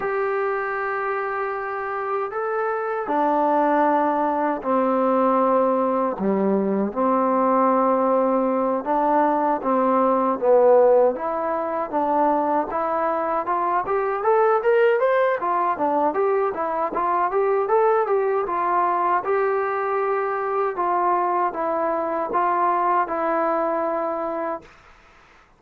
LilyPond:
\new Staff \with { instrumentName = "trombone" } { \time 4/4 \tempo 4 = 78 g'2. a'4 | d'2 c'2 | g4 c'2~ c'8 d'8~ | d'8 c'4 b4 e'4 d'8~ |
d'8 e'4 f'8 g'8 a'8 ais'8 c''8 | f'8 d'8 g'8 e'8 f'8 g'8 a'8 g'8 | f'4 g'2 f'4 | e'4 f'4 e'2 | }